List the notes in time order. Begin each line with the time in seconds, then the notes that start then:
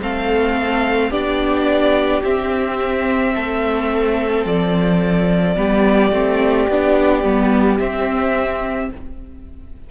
0.00 A3 C4 A4 F5
1.10 B3 D4 G4 D5
2.23 C4 E5
3.34 A3 A4
4.45 F3 D5
5.56 G3 B3 G4
6.11 A3 C4
6.68 B3 D4
7.23 G3 B3
7.78 C4 E5